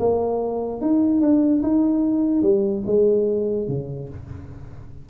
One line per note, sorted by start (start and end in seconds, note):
0.00 0.81 A#3
0.81 1.22 D#4
1.22 1.62 D4
1.63 2.43 D#4
2.43 2.83 G3
2.87 3.68 G#3
3.68 4.09 C#3